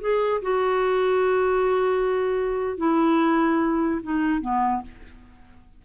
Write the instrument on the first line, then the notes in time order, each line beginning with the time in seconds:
clarinet
0.00 G#4
0.42 F#4
2.77 E4
4.02 D#4
4.41 B3